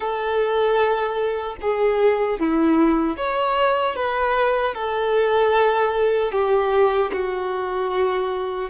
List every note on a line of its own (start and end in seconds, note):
0.00 1.56 A4
1.61 2.39 G#4
2.39 3.16 E4
3.16 3.95 C#5
3.95 4.74 B4
4.74 6.32 A4
6.32 7.11 G4
7.12 8.70 F#4